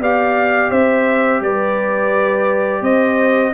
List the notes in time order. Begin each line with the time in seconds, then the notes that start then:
0.00 B3 G4 D5 F5
0.71 C4 C5 E5
1.41 G3 B4 D5
2.82 C4 C5 D#5